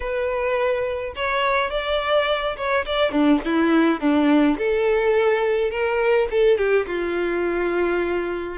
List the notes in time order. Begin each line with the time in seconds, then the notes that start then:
0.00 B4
1.15 C#5
1.70 D5
2.56 C#5
2.85 D5
3.11 D4
3.44 E4
4.00 D4
4.58 A4
5.71 A#4
6.30 A4
6.57 G4
6.86 F4